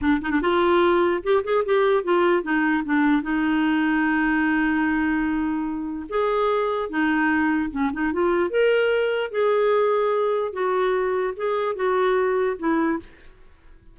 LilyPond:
\new Staff \with { instrumentName = "clarinet" } { \time 4/4 \tempo 4 = 148 d'8 dis'16 d'16 f'2 g'8 gis'8 | g'4 f'4 dis'4 d'4 | dis'1~ | dis'2. gis'4~ |
gis'4 dis'2 cis'8 dis'8 | f'4 ais'2 gis'4~ | gis'2 fis'2 | gis'4 fis'2 e'4 | }